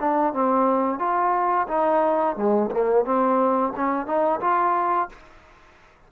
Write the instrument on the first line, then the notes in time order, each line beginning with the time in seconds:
trombone
0.00 D4
0.34 C4
0.99 F4
1.68 D#4
2.36 G#3
2.71 A#3
3.05 C4
3.77 C#4
4.07 D#4
4.41 F4